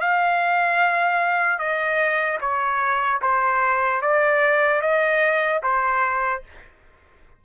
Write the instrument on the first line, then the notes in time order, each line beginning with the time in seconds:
trumpet
0.00 F5
1.59 D#5
2.40 C#5
3.21 C5
4.01 D5
4.81 D#5
5.63 C5